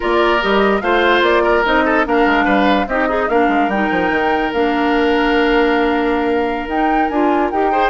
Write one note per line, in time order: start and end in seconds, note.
0.00 0.43 A#3
0.00 0.39 F4
0.00 0.82 A#4
0.00 0.42 D5
0.41 0.81 G3
0.41 0.82 G4
0.41 0.81 D#5
0.81 1.21 A3
0.81 1.64 F4
0.81 1.43 C5
0.81 1.22 F5
1.21 1.62 A#3
1.21 1.64 D5
1.43 1.84 A#4
1.64 2.06 C4
1.64 2.05 D#4
1.64 2.06 D#5
1.85 2.05 A4
2.05 2.26 A#3
2.05 2.87 D4
2.05 2.45 A#4
2.05 2.88 F5
2.26 2.46 G#3
2.45 2.86 G3
2.45 2.86 B4
2.86 3.27 C4
2.86 3.09 D#4
2.86 3.08 G4
2.86 3.29 D#5
3.08 3.28 D#4
3.08 3.29 G#4
3.29 3.48 A#3
3.29 3.71 D4
3.29 7.71 A#4
3.29 3.69 F5
3.48 3.68 G#3
3.68 3.88 G3
3.68 4.53 D#4
3.68 4.51 G5
3.91 4.10 F3
4.10 4.51 D#3
4.53 6.67 A#3
4.53 6.69 D4
4.53 6.69 F5
6.67 7.08 D#4
6.67 7.12 D#4
6.67 7.08 G5
7.08 7.51 D4
7.08 7.52 F4
7.08 7.49 G#5
7.50 7.89 D#4
7.50 7.71 G4
7.50 7.89 G5
7.71 7.89 G#4
7.71 7.89 C5